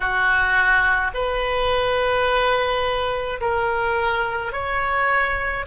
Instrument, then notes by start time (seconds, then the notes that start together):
oboe
0.00 F#4
1.14 B4
3.41 A#4
4.52 C#5